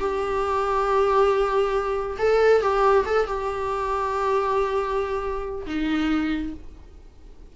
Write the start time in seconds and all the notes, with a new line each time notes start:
0.00 G4
2.18 A4
2.61 G4
3.06 A4
3.27 G4
5.66 D#4